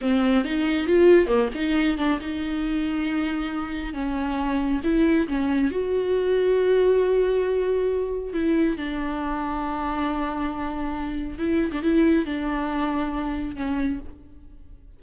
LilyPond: \new Staff \with { instrumentName = "viola" } { \time 4/4 \tempo 4 = 137 c'4 dis'4 f'4 ais8 dis'8~ | dis'8 d'8 dis'2.~ | dis'4 cis'2 e'4 | cis'4 fis'2.~ |
fis'2. e'4 | d'1~ | d'2 e'8. d'16 e'4 | d'2. cis'4 | }